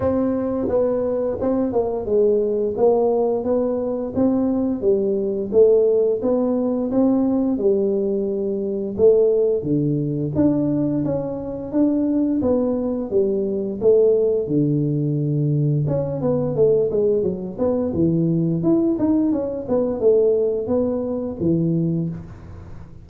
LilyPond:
\new Staff \with { instrumentName = "tuba" } { \time 4/4 \tempo 4 = 87 c'4 b4 c'8 ais8 gis4 | ais4 b4 c'4 g4 | a4 b4 c'4 g4~ | g4 a4 d4 d'4 |
cis'4 d'4 b4 g4 | a4 d2 cis'8 b8 | a8 gis8 fis8 b8 e4 e'8 dis'8 | cis'8 b8 a4 b4 e4 | }